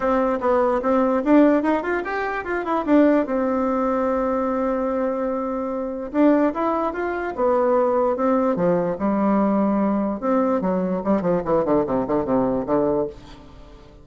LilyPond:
\new Staff \with { instrumentName = "bassoon" } { \time 4/4 \tempo 4 = 147 c'4 b4 c'4 d'4 | dis'8 f'8 g'4 f'8 e'8 d'4 | c'1~ | c'2. d'4 |
e'4 f'4 b2 | c'4 f4 g2~ | g4 c'4 fis4 g8 f8 | e8 d8 c8 d8 c4 d4 | }